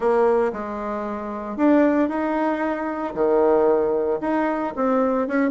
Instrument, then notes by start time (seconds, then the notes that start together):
bassoon
0.00 A#3
0.53 G#3
1.56 D4
2.08 D#4
3.14 D#3
4.21 D#4
4.76 C4
5.27 C#4